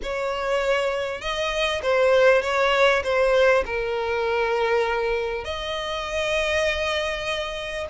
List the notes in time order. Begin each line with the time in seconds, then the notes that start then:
0.02 C#5
1.21 D#5
1.82 C5
2.42 C#5
3.03 C5
3.65 A#4
5.44 D#5